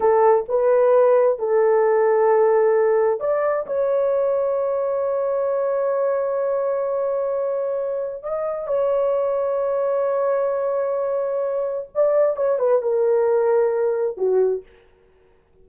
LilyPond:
\new Staff \with { instrumentName = "horn" } { \time 4/4 \tempo 4 = 131 a'4 b'2 a'4~ | a'2. d''4 | cis''1~ | cis''1~ |
cis''2 dis''4 cis''4~ | cis''1~ | cis''2 d''4 cis''8 b'8 | ais'2. fis'4 | }